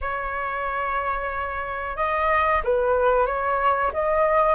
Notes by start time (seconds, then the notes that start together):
0.01 C#5
1.96 D#5
2.64 B4
3.26 C#5
3.93 D#5